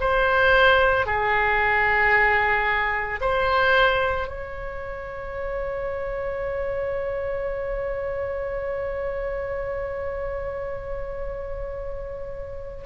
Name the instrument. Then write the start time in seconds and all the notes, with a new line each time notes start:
oboe
0.00 C5
1.06 G#4
3.20 C5
4.27 C#5